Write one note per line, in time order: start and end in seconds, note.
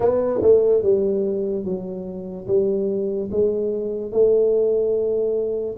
0.00 0.40 B3
0.41 0.83 A3
0.83 1.64 G3
1.64 2.47 F#3
2.47 3.29 G3
3.31 4.11 G#3
4.11 5.75 A3